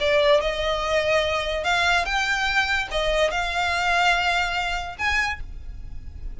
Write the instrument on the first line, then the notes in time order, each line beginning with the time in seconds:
violin
0.00 D5
0.41 D#5
1.64 F5
2.05 G5
2.91 D#5
3.31 F5
4.98 G#5